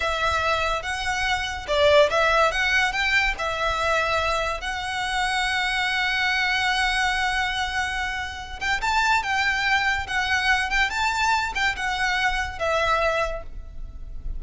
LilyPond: \new Staff \with { instrumentName = "violin" } { \time 4/4 \tempo 4 = 143 e''2 fis''2 | d''4 e''4 fis''4 g''4 | e''2. fis''4~ | fis''1~ |
fis''1~ | fis''8 g''8 a''4 g''2 | fis''4. g''8 a''4. g''8 | fis''2 e''2 | }